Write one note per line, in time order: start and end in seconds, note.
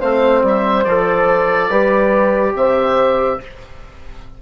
0.00 0.43 A3
0.00 0.86 C4
0.00 1.69 C5
0.00 0.43 F5
0.43 0.86 G3
0.43 0.85 E5
0.85 1.70 F3
0.85 1.71 A4
0.85 2.54 D5
1.70 2.54 G3
1.70 3.40 G4
1.70 2.55 B4
2.54 3.39 C3
2.54 3.42 C5
2.54 3.41 E5